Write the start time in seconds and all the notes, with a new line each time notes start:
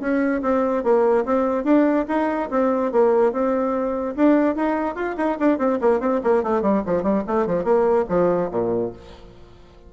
0.00 C#4
0.42 C4
0.83 A#3
1.25 C4
1.64 D4
2.08 D#4
2.50 C4
2.92 A#3
3.32 C4
4.16 D4
4.56 D#4
4.95 F4
5.17 D#4
5.40 D4
5.58 C4
5.81 A#3
6.00 C4
6.23 A#3
6.43 A3
6.62 G3
6.86 F3
7.03 G3
7.27 A3
7.47 F3
7.64 A#3
8.09 F3
8.51 A#2